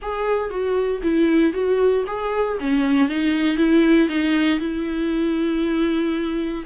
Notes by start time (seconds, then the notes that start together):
0.02 G#4
0.50 F#4
1.03 E4
1.53 F#4
2.07 G#4
2.59 C#4
3.08 D#4
3.57 E4
4.08 D#4
4.59 E4